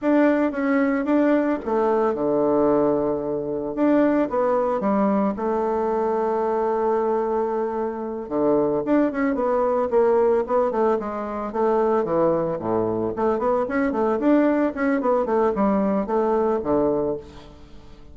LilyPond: \new Staff \with { instrumentName = "bassoon" } { \time 4/4 \tempo 4 = 112 d'4 cis'4 d'4 a4 | d2. d'4 | b4 g4 a2~ | a2.~ a8 d8~ |
d8 d'8 cis'8 b4 ais4 b8 | a8 gis4 a4 e4 a,8~ | a,8 a8 b8 cis'8 a8 d'4 cis'8 | b8 a8 g4 a4 d4 | }